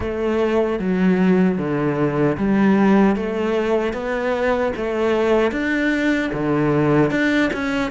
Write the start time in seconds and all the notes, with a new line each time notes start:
0.00 A3
0.79 F#3
1.58 D3
2.37 G3
3.16 A3
3.93 B3
4.76 A3
5.51 D4
6.33 D3
7.11 D4
7.53 C#4